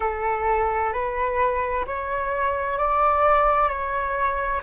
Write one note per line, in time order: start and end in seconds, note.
0.00 0.92 A4
0.92 1.85 B4
1.86 2.77 C#5
2.77 3.68 D5
3.68 4.61 C#5